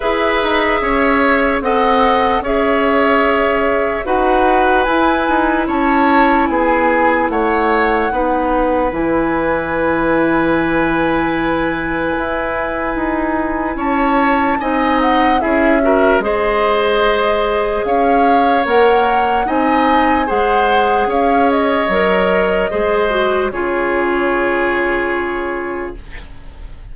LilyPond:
<<
  \new Staff \with { instrumentName = "flute" } { \time 4/4 \tempo 4 = 74 e''2 fis''4 e''4~ | e''4 fis''4 gis''4 a''4 | gis''4 fis''2 gis''4~ | gis''1~ |
gis''4 a''4 gis''8 fis''8 e''4 | dis''2 f''4 fis''4 | gis''4 fis''4 f''8 dis''4.~ | dis''4 cis''2. | }
  \new Staff \with { instrumentName = "oboe" } { \time 4/4 b'4 cis''4 dis''4 cis''4~ | cis''4 b'2 cis''4 | gis'4 cis''4 b'2~ | b'1~ |
b'4 cis''4 dis''4 gis'8 ais'8 | c''2 cis''2 | dis''4 c''4 cis''2 | c''4 gis'2. | }
  \new Staff \with { instrumentName = "clarinet" } { \time 4/4 gis'2 a'4 gis'4~ | gis'4 fis'4 e'2~ | e'2 dis'4 e'4~ | e'1~ |
e'2 dis'4 e'8 fis'8 | gis'2. ais'4 | dis'4 gis'2 ais'4 | gis'8 fis'8 f'2. | }
  \new Staff \with { instrumentName = "bassoon" } { \time 4/4 e'8 dis'8 cis'4 c'4 cis'4~ | cis'4 dis'4 e'8 dis'8 cis'4 | b4 a4 b4 e4~ | e2. e'4 |
dis'4 cis'4 c'4 cis'4 | gis2 cis'4 ais4 | c'4 gis4 cis'4 fis4 | gis4 cis2. | }
>>